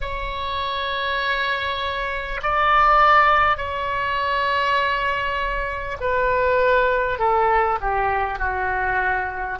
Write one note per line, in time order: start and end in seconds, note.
0.00 2.40 C#5
2.42 3.57 D5
3.57 5.97 C#5
6.00 7.18 B4
7.18 7.78 A4
7.81 8.38 G4
8.38 9.58 F#4